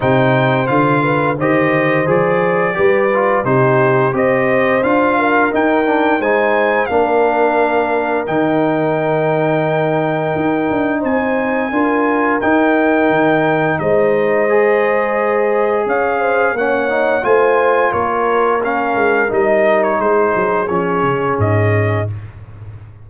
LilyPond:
<<
  \new Staff \with { instrumentName = "trumpet" } { \time 4/4 \tempo 4 = 87 g''4 f''4 dis''4 d''4~ | d''4 c''4 dis''4 f''4 | g''4 gis''4 f''2 | g''1 |
gis''2 g''2 | dis''2. f''4 | fis''4 gis''4 cis''4 f''4 | dis''8. cis''16 c''4 cis''4 dis''4 | }
  \new Staff \with { instrumentName = "horn" } { \time 4/4 c''4. b'8 c''2 | b'4 g'4 c''4. ais'8~ | ais'4 c''4 ais'2~ | ais'1 |
c''4 ais'2. | c''2. cis''8 c''8 | cis''4 c''4 ais'2~ | ais'4 gis'2. | }
  \new Staff \with { instrumentName = "trombone" } { \time 4/4 dis'4 f'4 g'4 gis'4 | g'8 f'8 dis'4 g'4 f'4 | dis'8 d'8 dis'4 d'2 | dis'1~ |
dis'4 f'4 dis'2~ | dis'4 gis'2. | cis'8 dis'8 f'2 cis'4 | dis'2 cis'2 | }
  \new Staff \with { instrumentName = "tuba" } { \time 4/4 c4 d4 dis4 f4 | g4 c4 c'4 d'4 | dis'4 gis4 ais2 | dis2. dis'8 d'8 |
c'4 d'4 dis'4 dis4 | gis2. cis'4 | ais4 a4 ais4. gis8 | g4 gis8 fis8 f8 cis8 gis,4 | }
>>